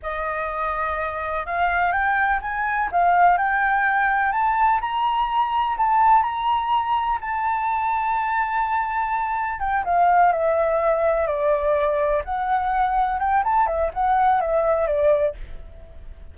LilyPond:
\new Staff \with { instrumentName = "flute" } { \time 4/4 \tempo 4 = 125 dis''2. f''4 | g''4 gis''4 f''4 g''4~ | g''4 a''4 ais''2 | a''4 ais''2 a''4~ |
a''1 | g''8 f''4 e''2 d''8~ | d''4. fis''2 g''8 | a''8 e''8 fis''4 e''4 d''4 | }